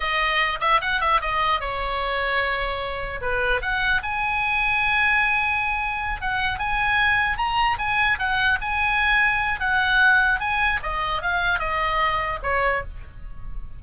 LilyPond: \new Staff \with { instrumentName = "oboe" } { \time 4/4 \tempo 4 = 150 dis''4. e''8 fis''8 e''8 dis''4 | cis''1 | b'4 fis''4 gis''2~ | gis''2.~ gis''8 fis''8~ |
fis''8 gis''2 ais''4 gis''8~ | gis''8 fis''4 gis''2~ gis''8 | fis''2 gis''4 dis''4 | f''4 dis''2 cis''4 | }